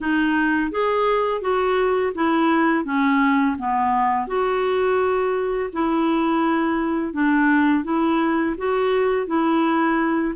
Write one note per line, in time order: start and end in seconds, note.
0.00 0.71 D#4
0.71 1.41 G#4
1.41 2.12 F#4
2.15 2.84 E4
2.84 3.56 C#4
3.58 4.27 B3
4.27 5.70 F#4
5.72 7.13 E4
7.13 7.84 D4
7.84 8.55 E4
8.57 9.26 F#4
9.26 10.33 E4